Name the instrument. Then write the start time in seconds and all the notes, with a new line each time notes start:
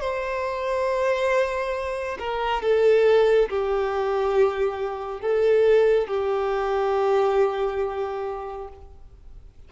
violin
0.00 C5
2.19 A#4
2.62 A4
3.49 G4
5.21 A4
6.07 G4